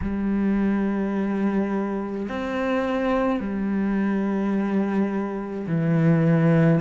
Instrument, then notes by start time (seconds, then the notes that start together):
cello
0.01 G3
2.28 C4
3.40 G3
5.67 E3